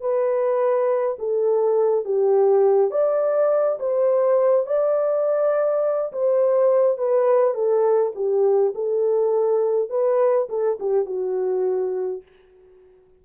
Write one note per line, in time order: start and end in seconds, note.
0.00 1.17 B4
1.18 2.05 A4
2.05 2.90 G4
2.90 3.78 D5
3.79 4.66 C5
4.66 6.12 D5
6.12 6.97 C5
6.97 7.54 B4
7.54 8.12 A4
8.15 8.73 G4
8.75 9.89 A4
9.89 10.48 B4
10.49 10.78 A4
10.79 11.05 G4
11.05 12.22 F#4